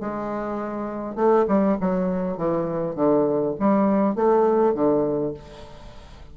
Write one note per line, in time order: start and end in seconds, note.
0.00 1.16 G#3
1.16 1.45 A3
1.48 1.78 G3
1.80 2.37 F#3
2.37 2.95 E3
2.95 3.55 D3
3.59 4.16 G3
4.16 4.74 A3
4.74 5.34 D3